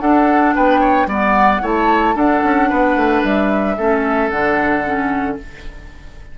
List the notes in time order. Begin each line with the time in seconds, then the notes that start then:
0.00 D4 A4 F#5
0.55 B3 B4 G5
0.80 C#5
1.06 G3 B3 D5 F#5
1.61 A3 E4 C#5 A5
2.15 D4 A4 F#5
2.44 C#4
2.69 B3 B4
2.96 A3
3.23 G3 E5
3.77 A3 C#4 A4
4.30 D3 D4 F#5
4.84 C#4